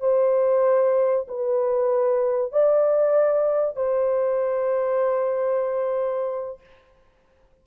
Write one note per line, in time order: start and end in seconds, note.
0.00 1.26 C5
1.28 2.52 B4
2.52 3.76 D5
3.76 6.60 C5